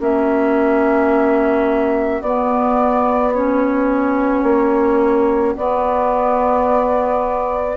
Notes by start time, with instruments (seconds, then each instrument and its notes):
0.00 bassoon A#3, clarinet C#4, oboe F#4, flute E5
2.22 bassoon B3, clarinet B3, flute D5
3.34 clarinet C#4, flute C#5
4.44 bassoon A#3
5.56 clarinet B3, bassoon B3, flute D5